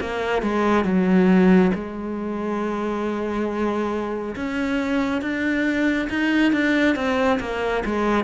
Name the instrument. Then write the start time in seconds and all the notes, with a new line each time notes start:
cello
0.00 A#3
0.42 G#3
0.84 F#3
1.74 G#3
4.35 C#4
5.21 D4
6.09 D#4
6.52 D4
6.95 C4
7.40 A#3
7.85 G#3